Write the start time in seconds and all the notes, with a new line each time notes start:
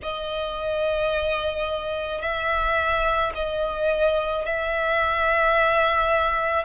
0.02 D#5
2.21 E5
3.34 D#5
4.45 E5